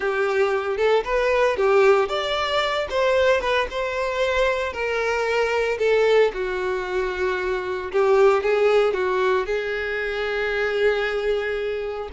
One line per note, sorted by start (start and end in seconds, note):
0.00 0.77 G4
0.77 1.03 A4
1.04 1.56 B4
1.56 2.08 G4
2.08 2.87 D5
2.89 3.40 C5
3.40 3.67 B4
3.70 4.72 C5
4.72 5.78 A#4
5.78 6.31 A4
6.33 7.91 F#4
7.91 8.43 G4
8.43 8.93 G#4
8.93 9.46 F#4
9.46 12.09 G#4